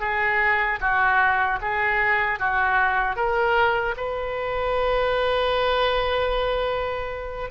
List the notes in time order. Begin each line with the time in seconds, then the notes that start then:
0.00 G#4
0.80 F#4
1.61 G#4
2.39 F#4
3.16 A#4
3.97 B4